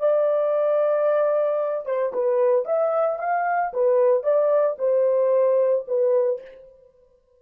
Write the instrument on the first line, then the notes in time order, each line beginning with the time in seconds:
horn
0.00 D5
1.86 C5
2.14 B4
2.66 E5
3.19 F5
3.74 B4
4.24 D5
4.79 C5
5.88 B4